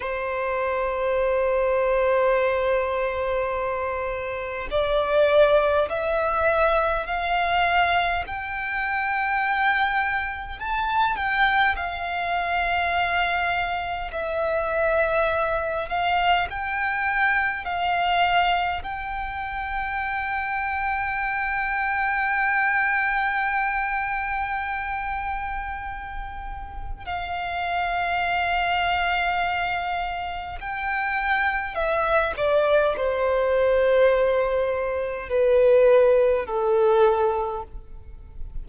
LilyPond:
\new Staff \with { instrumentName = "violin" } { \time 4/4 \tempo 4 = 51 c''1 | d''4 e''4 f''4 g''4~ | g''4 a''8 g''8 f''2 | e''4. f''8 g''4 f''4 |
g''1~ | g''2. f''4~ | f''2 g''4 e''8 d''8 | c''2 b'4 a'4 | }